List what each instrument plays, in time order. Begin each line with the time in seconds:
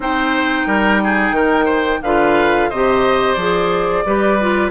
0.00 bassoon C4, clarinet D#4, oboe C5, flute G5
0.66 bassoon G3, oboe A#4
1.03 oboe G#4
1.31 bassoon D#3, oboe A#4
1.65 oboe C5
2.02 bassoon D3, clarinet F4, oboe B4, flute F5
2.69 bassoon C3, clarinet G4, oboe C5, flute D#5
3.34 bassoon F3, clarinet G#4, flute D5
4.05 bassoon G3, clarinet G4, oboe B4
4.40 clarinet F4